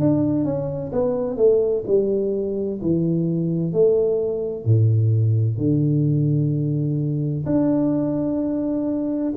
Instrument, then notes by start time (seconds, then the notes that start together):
tuba
0.00 D4
0.45 C#4
0.92 B3
1.37 A3
1.87 G3
2.82 E3
3.73 A3
4.65 A2
5.58 D3
7.46 D4